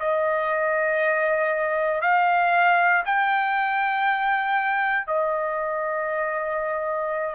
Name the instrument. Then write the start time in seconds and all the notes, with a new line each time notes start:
trumpet
0.00 D#5
2.02 F5
3.06 G5
5.07 D#5